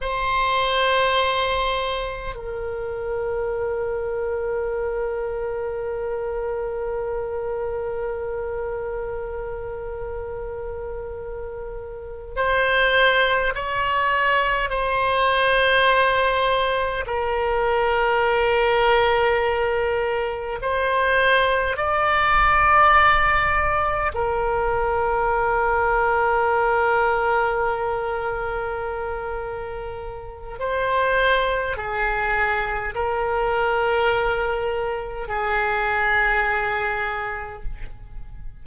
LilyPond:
\new Staff \with { instrumentName = "oboe" } { \time 4/4 \tempo 4 = 51 c''2 ais'2~ | ais'1~ | ais'2~ ais'8 c''4 cis''8~ | cis''8 c''2 ais'4.~ |
ais'4. c''4 d''4.~ | d''8 ais'2.~ ais'8~ | ais'2 c''4 gis'4 | ais'2 gis'2 | }